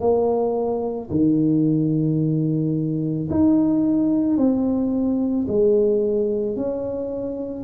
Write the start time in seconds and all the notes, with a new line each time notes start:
0.00 A#3
1.10 D#3
3.30 D#4
4.37 C4
5.47 G#3
6.56 C#4